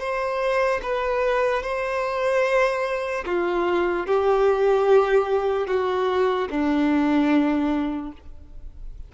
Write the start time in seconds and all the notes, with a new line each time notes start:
0.00 C5
0.83 B4
1.63 C5
3.26 F4
4.07 G4
5.67 F#4
6.50 D4